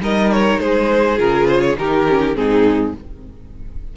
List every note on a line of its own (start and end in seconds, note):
0.00 0.59 G3
0.00 1.17 D#4
0.00 0.60 A#4
0.00 0.31 D#5
0.31 0.59 C#5
0.59 1.19 G#3
0.59 1.78 G#4
0.59 1.18 C5
1.17 1.77 C#3
1.17 1.76 F4
1.17 1.47 A#4
1.47 1.61 C5
1.61 1.76 C#5
1.77 2.35 D#3
1.77 2.06 D#4
1.77 2.37 G4
1.77 2.35 A#4
2.09 2.34 C#4
2.34 2.94 G#2
2.34 2.93 C4
2.34 2.96 D#4
2.34 2.94 G#4